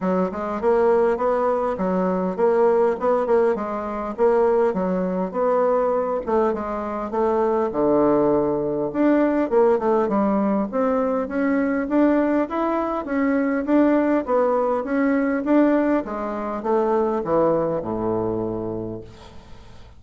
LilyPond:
\new Staff \with { instrumentName = "bassoon" } { \time 4/4 \tempo 4 = 101 fis8 gis8 ais4 b4 fis4 | ais4 b8 ais8 gis4 ais4 | fis4 b4. a8 gis4 | a4 d2 d'4 |
ais8 a8 g4 c'4 cis'4 | d'4 e'4 cis'4 d'4 | b4 cis'4 d'4 gis4 | a4 e4 a,2 | }